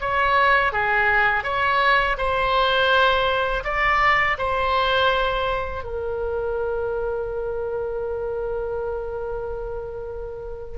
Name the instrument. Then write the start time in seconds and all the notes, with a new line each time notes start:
oboe
0.00 C#5
0.72 G#4
1.43 C#5
2.17 C5
3.64 D5
4.38 C5
5.83 A#4